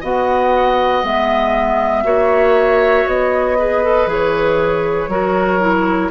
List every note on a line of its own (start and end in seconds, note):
0.00 1.03 B3
0.00 1.03 F#4
0.00 2.03 D#5
0.00 1.05 F#5
1.03 2.04 G#3
1.03 2.04 B3
1.03 3.08 E5
2.04 3.06 A#3
2.04 3.56 F#4
2.04 3.58 C#5
3.06 4.06 B3
3.06 4.09 D#5
3.58 3.83 G#4
3.58 5.10 B4
3.83 4.08 A4
4.06 5.07 E3
4.06 5.10 G#4
4.06 6.10 C#5
5.07 6.09 F#3
5.07 5.60 F#4
5.07 6.10 A#4
5.60 6.10 E4